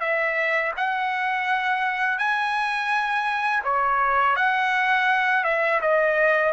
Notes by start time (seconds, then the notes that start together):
0.00 E5
0.77 F#5
2.19 G#5
3.64 C#5
4.36 F#5
5.44 E5
5.81 D#5